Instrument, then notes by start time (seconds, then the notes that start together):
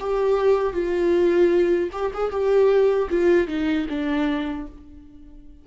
viola
0.00 G4
0.73 F4
1.93 G4
2.14 G#4
2.31 G4
3.10 F4
3.48 D#4
3.90 D4